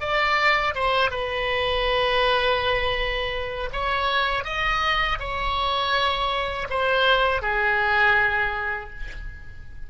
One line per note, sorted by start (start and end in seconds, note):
0.00 0.74 D5
0.75 1.10 C5
1.10 3.69 B4
3.73 4.44 C#5
4.44 5.18 D#5
5.19 6.67 C#5
6.70 7.42 C5
7.42 8.90 G#4